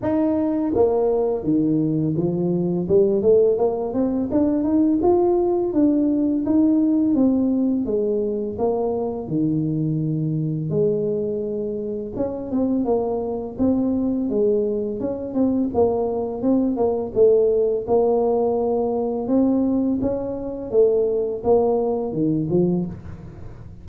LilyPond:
\new Staff \with { instrumentName = "tuba" } { \time 4/4 \tempo 4 = 84 dis'4 ais4 dis4 f4 | g8 a8 ais8 c'8 d'8 dis'8 f'4 | d'4 dis'4 c'4 gis4 | ais4 dis2 gis4~ |
gis4 cis'8 c'8 ais4 c'4 | gis4 cis'8 c'8 ais4 c'8 ais8 | a4 ais2 c'4 | cis'4 a4 ais4 dis8 f8 | }